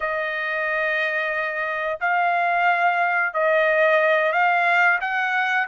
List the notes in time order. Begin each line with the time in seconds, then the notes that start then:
0.00 D#5
2.00 F5
3.33 D#5
4.32 F5
5.00 F#5